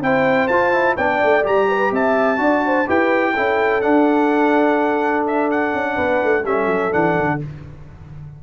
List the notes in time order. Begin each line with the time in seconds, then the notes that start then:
0.00 C4 E4 C5 G5
0.47 F4 A5
0.72 E4
0.96 B3 D4 D5 G5
1.23 A3
1.42 G3 G4 A#5
1.68 B4
1.91 C4 E5 A5
2.37 D4 F#4 D5
2.65 C5
2.86 E4 G4 B4 G5
3.33 C#4 E4 A4
3.81 D4 F#5
5.26 E5
5.50 F#5
5.73 C#4
5.94 B3 B4
6.23 A3
6.43 G3 C#4 A4 E5
6.66 F#3
6.91 E3 D4 F#5
7.18 D3